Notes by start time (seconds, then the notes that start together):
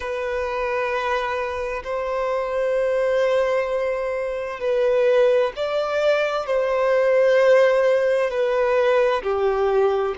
0.00 B4
1.83 C5
4.59 B4
5.56 D5
6.46 C5
8.30 B4
9.23 G4